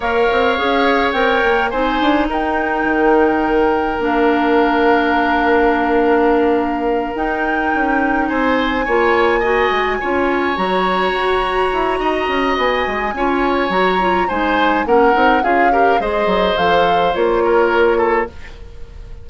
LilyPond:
<<
  \new Staff \with { instrumentName = "flute" } { \time 4/4 \tempo 4 = 105 f''2 g''4 gis''4 | g''2. f''4~ | f''1~ | f''8 g''2 gis''4.~ |
gis''2~ gis''8 ais''4.~ | ais''2 gis''2 | ais''4 gis''4 fis''4 f''4 | dis''4 f''4 cis''2 | }
  \new Staff \with { instrumentName = "oboe" } { \time 4/4 cis''2. c''4 | ais'1~ | ais'1~ | ais'2~ ais'8 c''4 cis''8~ |
cis''8 dis''4 cis''2~ cis''8~ | cis''4 dis''2 cis''4~ | cis''4 c''4 ais'4 gis'8 ais'8 | c''2~ c''8 ais'4 a'8 | }
  \new Staff \with { instrumentName = "clarinet" } { \time 4/4 ais'4 gis'4 ais'4 dis'4~ | dis'2. d'4~ | d'1~ | d'8 dis'2. f'8~ |
f'8 fis'4 f'4 fis'4.~ | fis'2. f'4 | fis'8 f'8 dis'4 cis'8 dis'8 f'8 g'8 | gis'4 a'4 f'2 | }
  \new Staff \with { instrumentName = "bassoon" } { \time 4/4 ais8 c'8 cis'4 c'8 ais8 c'8 d'8 | dis'4 dis2 ais4~ | ais1~ | ais8 dis'4 cis'4 c'4 ais8~ |
ais4 gis8 cis'4 fis4 fis'8~ | fis'8 e'8 dis'8 cis'8 b8 gis8 cis'4 | fis4 gis4 ais8 c'8 cis'4 | gis8 fis8 f4 ais2 | }
>>